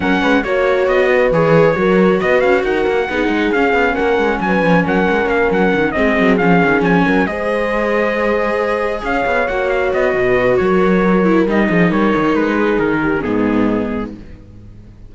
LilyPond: <<
  \new Staff \with { instrumentName = "trumpet" } { \time 4/4 \tempo 4 = 136 fis''4 cis''4 dis''4 cis''4~ | cis''4 dis''8 f''8 fis''2 | f''4 fis''4 gis''4 fis''4 | f''8 fis''4 dis''4 f''4 gis''8~ |
gis''8 dis''2.~ dis''8~ | dis''8 f''4 fis''8 f''8 dis''4. | cis''2 dis''4 cis''4 | b'4 ais'4 gis'2 | }
  \new Staff \with { instrumentName = "horn" } { \time 4/4 ais'8 b'8 cis''4. b'4. | ais'4 b'4 ais'4 gis'4~ | gis'4 ais'4 b'4 ais'4~ | ais'4. gis'2~ gis'8 |
ais'8 c''2.~ c''8~ | c''8 cis''2~ cis''8 b'4 | ais'2~ ais'8 gis'8 ais'4~ | ais'8 gis'4 g'8 dis'2 | }
  \new Staff \with { instrumentName = "viola" } { \time 4/4 cis'4 fis'2 gis'4 | fis'2. dis'4 | cis'1~ | cis'4. c'4 cis'4.~ |
cis'8 gis'2.~ gis'8~ | gis'4. fis'2~ fis'8~ | fis'4. e'8 dis'2~ | dis'4.~ dis'16 cis'16 b2 | }
  \new Staff \with { instrumentName = "cello" } { \time 4/4 fis8 gis8 ais4 b4 e4 | fis4 b8 cis'8 dis'8 ais8 b8 gis8 | cis'8 b8 ais8 gis8 fis8 f8 fis8 gis8 | ais8 fis8 dis8 gis8 fis8 f8 dis8 f8 |
fis8 gis2.~ gis8~ | gis8 cis'8 b8 ais4 b8 b,4 | fis2 g8 f8 g8 dis8 | gis4 dis4 gis,2 | }
>>